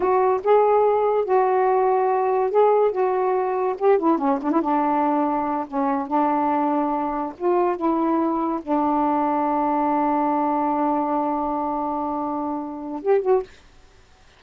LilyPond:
\new Staff \with { instrumentName = "saxophone" } { \time 4/4 \tempo 4 = 143 fis'4 gis'2 fis'4~ | fis'2 gis'4 fis'4~ | fis'4 g'8 e'8 cis'8 d'16 e'16 d'4~ | d'4. cis'4 d'4.~ |
d'4. f'4 e'4.~ | e'8 d'2.~ d'8~ | d'1~ | d'2. g'8 fis'8 | }